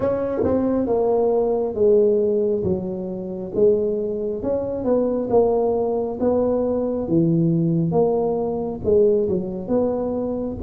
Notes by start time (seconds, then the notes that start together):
0.00 C#4
0.44 C4
0.87 A#3
1.74 G#3
2.63 F#3
3.54 G#3
4.42 C#4
4.84 B3
5.30 A#3
6.20 B3
7.07 E3
7.91 A#3
8.84 G#3
9.28 F#3
9.68 B3